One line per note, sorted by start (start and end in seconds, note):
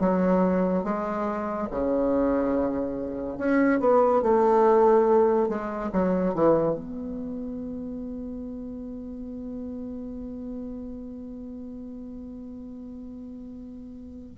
0.00 0.84 F#3
0.84 1.69 G#3
1.71 3.38 C#3
3.38 3.80 C#4
3.80 4.23 B3
4.23 5.49 A3
5.49 5.91 G#3
5.93 6.35 F#3
6.35 6.75 E3
6.75 14.35 B3